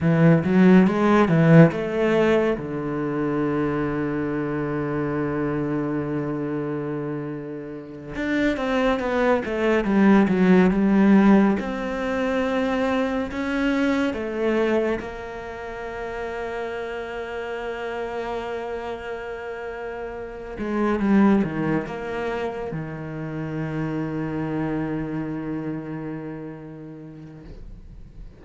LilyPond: \new Staff \with { instrumentName = "cello" } { \time 4/4 \tempo 4 = 70 e8 fis8 gis8 e8 a4 d4~ | d1~ | d4. d'8 c'8 b8 a8 g8 | fis8 g4 c'2 cis'8~ |
cis'8 a4 ais2~ ais8~ | ais1 | gis8 g8 dis8 ais4 dis4.~ | dis1 | }